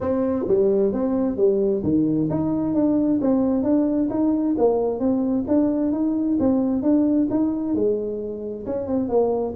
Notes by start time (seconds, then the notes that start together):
0.00 C4
0.48 G3
0.93 C4
1.37 G3
1.83 D#3
2.30 D#4
2.74 D4
3.21 C4
3.63 D4
4.10 D#4
4.58 A#3
4.99 C4
5.47 D4
5.92 D#4
6.39 C4
6.82 D4
7.30 D#4
7.74 G#3
8.65 C#4
8.86 C4
9.08 A#3